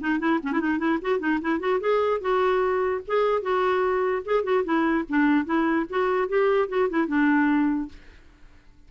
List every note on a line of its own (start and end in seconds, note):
0.00 0.19 D#4
0.19 0.39 E4
0.43 0.52 C#4
0.52 0.60 E4
0.60 0.78 D#4
0.78 0.98 E4
1.01 1.18 F#4
1.18 1.39 D#4
1.41 1.59 E4
1.59 1.79 F#4
1.80 2.20 G#4
2.20 3.01 F#4
3.07 3.41 G#4
3.41 4.22 F#4
4.25 4.43 G#4
4.43 4.64 F#4
4.64 5.04 E4
5.08 5.45 D4
5.45 5.85 E4
5.89 6.28 F#4
6.28 6.68 G4
6.68 6.88 F#4
6.89 7.07 E4
7.07 7.88 D4